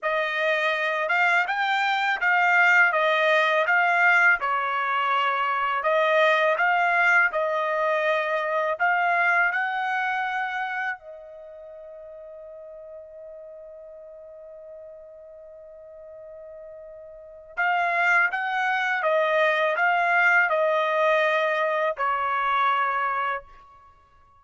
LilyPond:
\new Staff \with { instrumentName = "trumpet" } { \time 4/4 \tempo 4 = 82 dis''4. f''8 g''4 f''4 | dis''4 f''4 cis''2 | dis''4 f''4 dis''2 | f''4 fis''2 dis''4~ |
dis''1~ | dis''1 | f''4 fis''4 dis''4 f''4 | dis''2 cis''2 | }